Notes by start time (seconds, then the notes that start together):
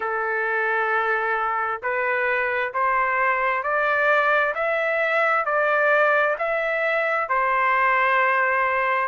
0.00 A4
1.82 B4
2.73 C5
3.63 D5
4.55 E5
5.45 D5
6.38 E5
7.29 C5